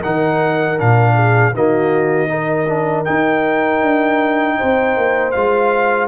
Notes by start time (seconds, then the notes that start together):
0.00 D#3 D#4 A#4 F#5
0.78 A#2 D4 F5
1.15 G#4
1.54 D#3 A#3 F#4 D#5
2.28 D#4 A#4
2.67 D4
3.05 D#4 G5
3.82 D4
4.58 C4 C5
4.97 A#3
5.31 G#3 F4 F5